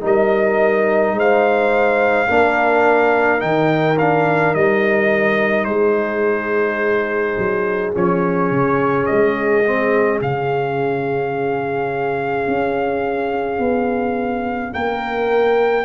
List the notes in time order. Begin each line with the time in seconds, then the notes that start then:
0.00 G3 D#4 A#4 D#5
1.12 G#3 C5
1.19 F5
2.27 A#3 D4 A#4
3.38 D#3 D#4 G5
3.98 D4 F5
4.54 G3 D#4 D#5
5.64 G#3 G#4 C5
7.38 F#3
7.94 F3 C#4 C#5
8.50 C#3
9.05 G#3 D#5
9.64 C4
10.21 C#3 C#4 F5
12.47 C#4
13.59 B3
14.72 A#3 A#4 G5